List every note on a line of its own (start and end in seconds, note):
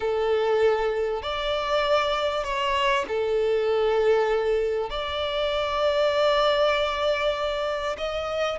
0.00 1.22 A4
1.22 2.44 D5
2.44 3.05 C#5
3.08 4.90 A4
4.90 7.96 D5
7.97 8.59 D#5